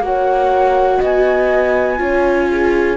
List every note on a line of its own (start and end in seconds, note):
0.00 0.98 A#3
0.00 1.97 F#4
0.00 0.97 C#5
0.00 1.02 F#5
0.97 2.00 B3
0.97 1.96 D#5
1.04 2.97 G#5
1.97 2.97 C#4
1.97 2.96 F4
1.97 2.48 C#5
2.50 2.97 G#4